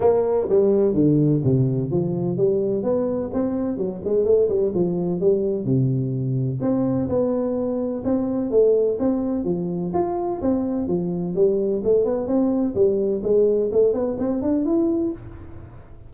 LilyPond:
\new Staff \with { instrumentName = "tuba" } { \time 4/4 \tempo 4 = 127 ais4 g4 d4 c4 | f4 g4 b4 c'4 | fis8 gis8 a8 g8 f4 g4 | c2 c'4 b4~ |
b4 c'4 a4 c'4 | f4 f'4 c'4 f4 | g4 a8 b8 c'4 g4 | gis4 a8 b8 c'8 d'8 e'4 | }